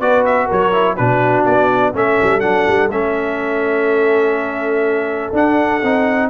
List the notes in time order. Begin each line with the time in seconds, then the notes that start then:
0.00 B3 F#4 B4 D5
0.25 E5
0.46 F#3 A#4 C#5
0.73 E4
0.97 B2 D4 F#4 B4
1.45 B3 D5
1.93 A3 C#4 A4 E5
2.22 G3
2.40 F#3 D4 F#5
2.68 G3
2.89 A3 C#4 E5
5.32 D4 F#5
5.83 C4 D#4